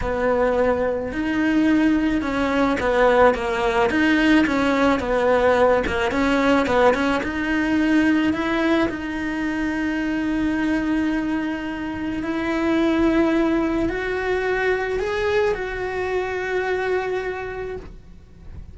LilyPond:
\new Staff \with { instrumentName = "cello" } { \time 4/4 \tempo 4 = 108 b2 dis'2 | cis'4 b4 ais4 dis'4 | cis'4 b4. ais8 cis'4 | b8 cis'8 dis'2 e'4 |
dis'1~ | dis'2 e'2~ | e'4 fis'2 gis'4 | fis'1 | }